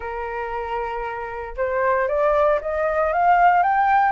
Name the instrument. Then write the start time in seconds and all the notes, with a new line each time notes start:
flute
0.00 A#4
1.57 C5
2.08 D5
2.61 D#5
3.12 F5
3.62 G5